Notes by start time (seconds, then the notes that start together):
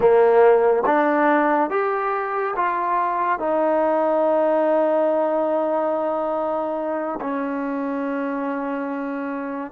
0.00 A#3
0.86 D4
1.69 G4
2.55 F4
3.39 D#4
7.20 C#4